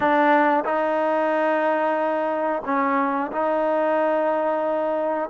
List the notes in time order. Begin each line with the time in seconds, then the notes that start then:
0.00 D4
0.64 D#4
2.65 C#4
3.31 D#4